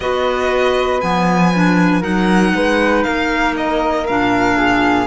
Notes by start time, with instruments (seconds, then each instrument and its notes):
0.00 cello B3, clarinet F#4, flute B4, violin D#5
1.00 cello F3, clarinet B3, violin G#5
1.55 clarinet D4
2.00 cello F#3, clarinet D#4, flute A#4, violin F#5
2.54 cello G#3, flute B4
3.03 cello A#3, flute A#4, violin F5
3.56 violin D#5
4.06 cello A#2, clarinet D4, violin F5
4.56 flute G#4